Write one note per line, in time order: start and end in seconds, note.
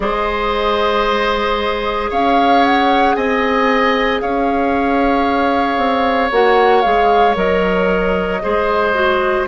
0.00 2.10 G#3
0.00 6.30 G#4
0.00 2.10 C5
0.00 2.10 D#5
2.10 3.15 C#4
2.10 3.15 C#5
2.10 2.64 F5
2.64 3.15 F#5
3.15 4.21 C4
3.15 4.21 D#5
3.15 4.20 G#5
4.20 5.77 C#4
4.20 8.42 C#5
4.20 6.31 F5
5.77 6.29 C4
6.31 6.83 A#3
6.31 6.83 F#4
6.31 6.82 F#5
6.82 7.35 G#3
6.82 7.35 G#4
6.82 7.34 F5
7.35 8.40 F#3
7.35 8.40 A#4
7.35 9.46 D#5
8.41 9.48 G#3
8.41 8.93 G#4
8.41 9.48 C5
8.93 9.46 F#4